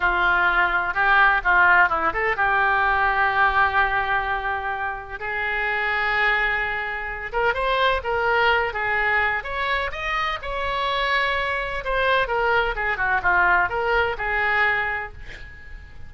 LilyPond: \new Staff \with { instrumentName = "oboe" } { \time 4/4 \tempo 4 = 127 f'2 g'4 f'4 | e'8 a'8 g'2.~ | g'2. gis'4~ | gis'2.~ gis'8 ais'8 |
c''4 ais'4. gis'4. | cis''4 dis''4 cis''2~ | cis''4 c''4 ais'4 gis'8 fis'8 | f'4 ais'4 gis'2 | }